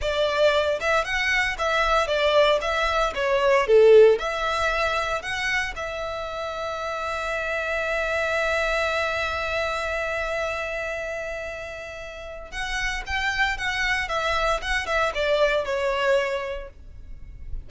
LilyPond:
\new Staff \with { instrumentName = "violin" } { \time 4/4 \tempo 4 = 115 d''4. e''8 fis''4 e''4 | d''4 e''4 cis''4 a'4 | e''2 fis''4 e''4~ | e''1~ |
e''1~ | e''1 | fis''4 g''4 fis''4 e''4 | fis''8 e''8 d''4 cis''2 | }